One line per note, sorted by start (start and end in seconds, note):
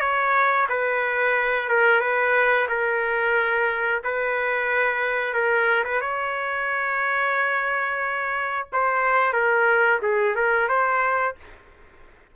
0.00 0.67 C#5
0.69 1.69 B4
1.69 2.00 A#4
2.00 2.67 B4
2.68 4.02 A#4
4.04 5.34 B4
5.34 5.84 A#4
5.84 6.01 B4
6.01 8.67 C#5
8.73 9.33 C5
9.33 9.99 A#4
10.02 10.35 G#4
10.35 10.68 A#4
10.68 11.35 C5